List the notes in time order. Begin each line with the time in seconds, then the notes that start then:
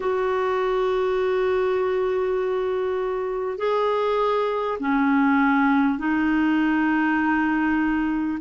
0.00 F#4
3.58 G#4
4.79 C#4
5.98 D#4